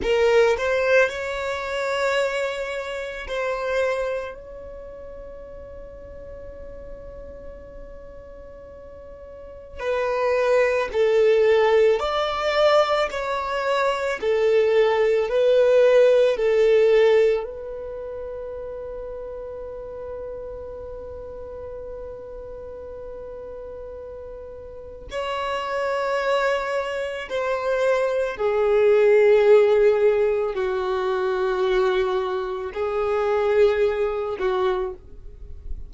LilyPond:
\new Staff \with { instrumentName = "violin" } { \time 4/4 \tempo 4 = 55 ais'8 c''8 cis''2 c''4 | cis''1~ | cis''4 b'4 a'4 d''4 | cis''4 a'4 b'4 a'4 |
b'1~ | b'2. cis''4~ | cis''4 c''4 gis'2 | fis'2 gis'4. fis'8 | }